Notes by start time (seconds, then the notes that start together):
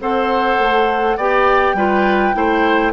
0.00 C4 A4 C5 F#5
0.59 A3
1.17 B3 G4 D5 G5
1.74 G3 F4 B4
2.34 A3 E4 C5